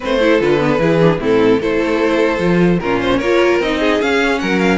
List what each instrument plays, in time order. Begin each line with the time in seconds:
0.00 cello A3, viola C4, violin B4 C5
0.20 viola E4, violin A4
0.39 cello D3, viola F4, violin B4
0.59 viola B3
0.78 cello E3, viola E4, violin G#4
1.00 viola D4
1.19 cello A2, viola C4, violin E4 A4
1.60 cello A3, viola E4, violin A4 C5
2.38 cello F3, viola F4
2.79 cello A#2, viola C#4, violin F4 A#4
3.01 violin C5
3.17 cello A#3, viola F4, violin A#4 C#5
3.59 cello C4, viola D#4, violin D#5
3.79 violin G#4
4.00 viola C#4, cello C#4, violin F5
4.39 cello F#3, violin A#4 F#5
4.59 violin F5